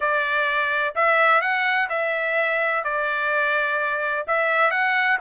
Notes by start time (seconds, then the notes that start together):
0.00 D5
0.95 E5
1.41 F#5
1.89 E5
2.83 D5
4.27 E5
4.70 F#5